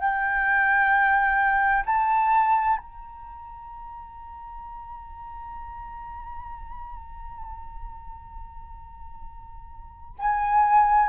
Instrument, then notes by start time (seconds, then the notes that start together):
flute
0.00 G5
1.87 A5
2.78 A#5
10.20 G#5